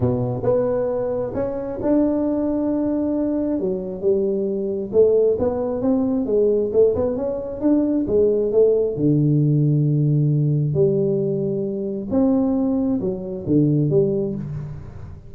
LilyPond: \new Staff \with { instrumentName = "tuba" } { \time 4/4 \tempo 4 = 134 b,4 b2 cis'4 | d'1 | fis4 g2 a4 | b4 c'4 gis4 a8 b8 |
cis'4 d'4 gis4 a4 | d1 | g2. c'4~ | c'4 fis4 d4 g4 | }